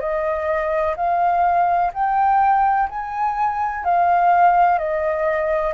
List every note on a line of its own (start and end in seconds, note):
0.00 0.95 D#5
0.97 1.92 F5
1.94 2.89 G5
2.89 3.84 G#5
3.85 4.79 F5
4.79 5.74 D#5